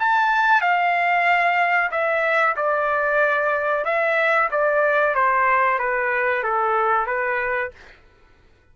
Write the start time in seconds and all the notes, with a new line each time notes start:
0.00 A5
0.62 F5
1.91 E5
2.57 D5
3.85 E5
4.51 D5
5.15 C5
5.79 B4
6.44 A4
7.07 B4